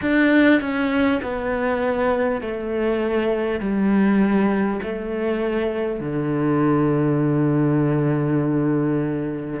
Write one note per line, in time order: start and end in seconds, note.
0.01 0.61 D4
0.61 1.21 C#4
1.22 2.41 B3
2.41 3.60 A3
3.60 4.80 G3
4.82 6.00 A3
6.00 9.60 D3